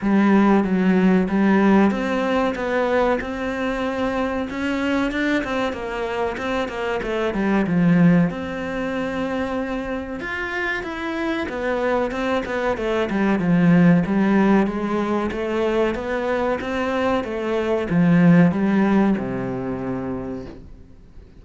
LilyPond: \new Staff \with { instrumentName = "cello" } { \time 4/4 \tempo 4 = 94 g4 fis4 g4 c'4 | b4 c'2 cis'4 | d'8 c'8 ais4 c'8 ais8 a8 g8 | f4 c'2. |
f'4 e'4 b4 c'8 b8 | a8 g8 f4 g4 gis4 | a4 b4 c'4 a4 | f4 g4 c2 | }